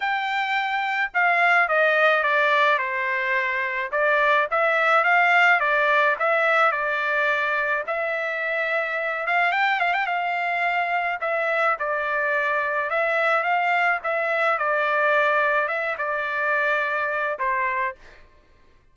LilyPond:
\new Staff \with { instrumentName = "trumpet" } { \time 4/4 \tempo 4 = 107 g''2 f''4 dis''4 | d''4 c''2 d''4 | e''4 f''4 d''4 e''4 | d''2 e''2~ |
e''8 f''8 g''8 f''16 g''16 f''2 | e''4 d''2 e''4 | f''4 e''4 d''2 | e''8 d''2~ d''8 c''4 | }